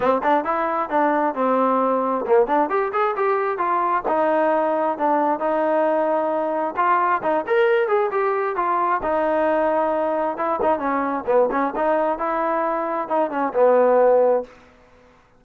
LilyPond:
\new Staff \with { instrumentName = "trombone" } { \time 4/4 \tempo 4 = 133 c'8 d'8 e'4 d'4 c'4~ | c'4 ais8 d'8 g'8 gis'8 g'4 | f'4 dis'2 d'4 | dis'2. f'4 |
dis'8 ais'4 gis'8 g'4 f'4 | dis'2. e'8 dis'8 | cis'4 b8 cis'8 dis'4 e'4~ | e'4 dis'8 cis'8 b2 | }